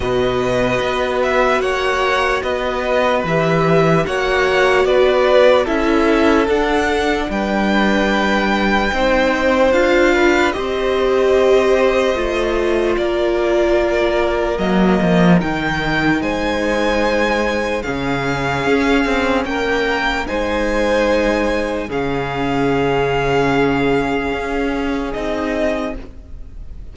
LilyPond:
<<
  \new Staff \with { instrumentName = "violin" } { \time 4/4 \tempo 4 = 74 dis''4. e''8 fis''4 dis''4 | e''4 fis''4 d''4 e''4 | fis''4 g''2. | f''4 dis''2. |
d''2 dis''4 g''4 | gis''2 f''2 | g''4 gis''2 f''4~ | f''2. dis''4 | }
  \new Staff \with { instrumentName = "violin" } { \time 4/4 b'2 cis''4 b'4~ | b'4 cis''4 b'4 a'4~ | a'4 b'2 c''4~ | c''8 b'8 c''2. |
ais'1 | c''2 gis'2 | ais'4 c''2 gis'4~ | gis'1 | }
  \new Staff \with { instrumentName = "viola" } { \time 4/4 fis'1 | g'4 fis'2 e'4 | d'2. dis'4 | f'4 g'2 f'4~ |
f'2 ais4 dis'4~ | dis'2 cis'2~ | cis'4 dis'2 cis'4~ | cis'2. dis'4 | }
  \new Staff \with { instrumentName = "cello" } { \time 4/4 b,4 b4 ais4 b4 | e4 ais4 b4 cis'4 | d'4 g2 c'4 | d'4 c'2 a4 |
ais2 fis8 f8 dis4 | gis2 cis4 cis'8 c'8 | ais4 gis2 cis4~ | cis2 cis'4 c'4 | }
>>